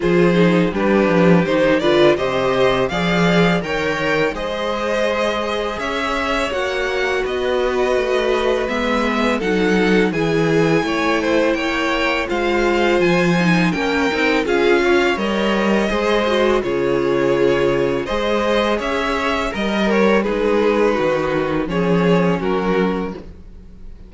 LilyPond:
<<
  \new Staff \with { instrumentName = "violin" } { \time 4/4 \tempo 4 = 83 c''4 b'4 c''8 d''8 dis''4 | f''4 g''4 dis''2 | e''4 fis''4 dis''2 | e''4 fis''4 gis''2 |
g''4 f''4 gis''4 g''4 | f''4 dis''2 cis''4~ | cis''4 dis''4 e''4 dis''8 cis''8 | b'2 cis''4 ais'4 | }
  \new Staff \with { instrumentName = "violin" } { \time 4/4 gis'4 g'4. b'8 c''4 | d''4 cis''4 c''2 | cis''2 b'2~ | b'4 a'4 gis'4 cis''8 c''8 |
cis''4 c''2 ais'4 | gis'8 cis''4. c''4 gis'4~ | gis'4 c''4 cis''4 ais'4 | gis'4 fis'4 gis'4 fis'4 | }
  \new Staff \with { instrumentName = "viola" } { \time 4/4 f'8 dis'8 d'4 dis'8 f'8 g'4 | gis'4 ais'4 gis'2~ | gis'4 fis'2. | b4 dis'4 e'2~ |
e'4 f'4. dis'8 cis'8 dis'8 | f'4 ais'4 gis'8 fis'8 f'4~ | f'4 gis'2 ais'4 | dis'2 cis'2 | }
  \new Staff \with { instrumentName = "cello" } { \time 4/4 f4 g8 f8 dis8 d8 c4 | f4 dis4 gis2 | cis'4 ais4 b4 a4 | gis4 fis4 e4 a4 |
ais4 gis4 f4 ais8 c'8 | cis'4 g4 gis4 cis4~ | cis4 gis4 cis'4 g4 | gis4 dis4 f4 fis4 | }
>>